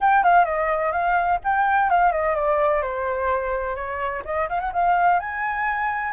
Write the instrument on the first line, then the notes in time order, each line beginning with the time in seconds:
flute
0.00 G5
0.23 F5
0.45 D#5
0.92 F5
1.43 G5
1.89 F5
2.12 D#5
2.35 D5
2.82 C5
3.75 C#5
4.24 D#5
4.49 F5
4.60 F#5
4.72 F5
5.19 G#5